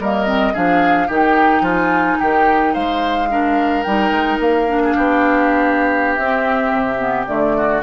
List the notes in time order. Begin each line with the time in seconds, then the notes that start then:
0.00 G3 A#3 A#4 D#5
0.26 C4
0.54 F3 D4 G#4 F5
1.08 D#3 D#4 G4
1.15 G5
1.62 F3 F4 G#5
2.20 D#3 G4 G5
2.74 G#3 C5 F5
3.30 D4 A#4
3.83 G3 D#4 G5
4.11 G#3
4.40 A#3 F5
4.68 D4
4.85 G#4
4.96 B3 G4
6.16 C4 E5
6.22 C4
6.73 C3
6.99 B3
7.27 D3 A3 D5
7.57 F#4